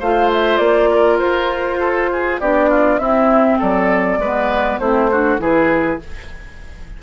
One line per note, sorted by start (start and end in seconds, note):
0.00 0.59 A3
0.00 2.42 F4
0.00 0.90 C5
0.00 0.31 F5
0.32 0.58 E5
0.58 1.19 A#3
0.58 1.18 D5
0.91 1.80 A#4
1.19 2.41 F4
1.19 2.39 C5
1.80 2.10 A4
2.13 2.41 G#4
2.40 2.99 B3
2.40 3.00 D4
2.40 2.70 G4
2.40 2.99 D5
2.70 3.00 F4
2.99 3.59 C4
2.99 4.20 C4
2.99 3.59 E4
2.99 3.59 E5
3.59 4.18 F#3
3.59 4.19 A4
3.59 4.79 D5
4.18 4.78 G#3
4.18 4.81 B3
4.18 4.80 B4
4.79 5.39 A3
4.79 5.11 C4
4.79 5.10 E4
4.79 5.39 C5
5.11 5.39 D4
5.11 5.41 F#4
5.39 5.99 E3
5.39 5.99 E4
5.39 6.01 G#4
5.39 6.03 B4